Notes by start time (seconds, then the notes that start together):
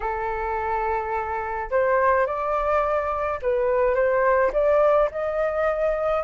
0.00 A4
1.70 C5
2.26 D5
3.41 B4
3.94 C5
4.53 D5
5.11 D#5